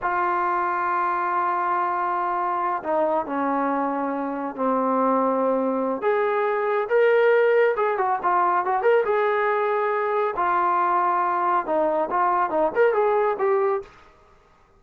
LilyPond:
\new Staff \with { instrumentName = "trombone" } { \time 4/4 \tempo 4 = 139 f'1~ | f'2~ f'8 dis'4 cis'8~ | cis'2~ cis'8 c'4.~ | c'2 gis'2 |
ais'2 gis'8 fis'8 f'4 | fis'8 ais'8 gis'2. | f'2. dis'4 | f'4 dis'8 ais'8 gis'4 g'4 | }